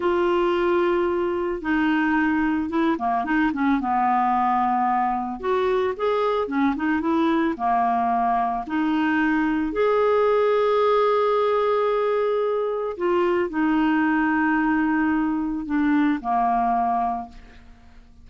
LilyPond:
\new Staff \with { instrumentName = "clarinet" } { \time 4/4 \tempo 4 = 111 f'2. dis'4~ | dis'4 e'8 ais8 dis'8 cis'8 b4~ | b2 fis'4 gis'4 | cis'8 dis'8 e'4 ais2 |
dis'2 gis'2~ | gis'1 | f'4 dis'2.~ | dis'4 d'4 ais2 | }